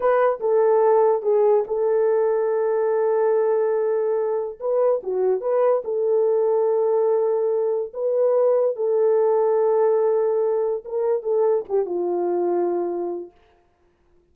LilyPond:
\new Staff \with { instrumentName = "horn" } { \time 4/4 \tempo 4 = 144 b'4 a'2 gis'4 | a'1~ | a'2. b'4 | fis'4 b'4 a'2~ |
a'2. b'4~ | b'4 a'2.~ | a'2 ais'4 a'4 | g'8 f'2.~ f'8 | }